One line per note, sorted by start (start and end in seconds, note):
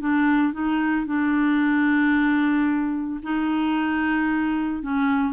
0.00 0.53 D4
0.53 1.06 D#4
1.06 3.20 D4
3.23 4.82 D#4
4.82 5.33 C#4